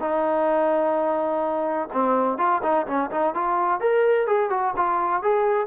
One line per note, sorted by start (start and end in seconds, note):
0.00 1.89 D#4
1.93 2.38 C4
2.38 2.62 F4
2.63 2.86 D#4
2.87 3.11 C#4
3.11 3.34 D#4
3.35 3.80 F4
3.80 4.27 A#4
4.27 4.50 G#4
4.50 4.74 F#4
4.77 5.23 F4
5.23 5.67 G#4